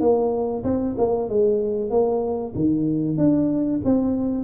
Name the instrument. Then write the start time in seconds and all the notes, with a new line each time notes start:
tuba
0.00 A#3
0.63 C4
0.98 A#3
1.29 G#3
1.90 A#3
2.55 D#3
3.18 D4
3.84 C4